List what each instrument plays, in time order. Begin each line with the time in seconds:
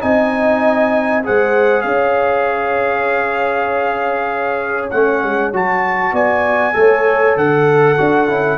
0.00 tuba C4, trombone D#4, horn D#5, trumpet G#5
1.24 tuba G#3, trombone G#4, horn C5, trumpet F#5
1.81 tuba C#4, horn C#5, trumpet F5
4.90 tuba A3, trombone C#4, trumpet F#5
5.24 tuba G#3
5.52 tuba F#3, trombone F#4, trumpet A5
6.12 tuba B3, horn D5, trumpet G#5
6.73 tuba A3, trombone A4, horn C#5
7.36 tuba D3, horn A4, trumpet F#5
7.98 tuba D4, trombone F#4
8.28 tuba C#4, trombone E4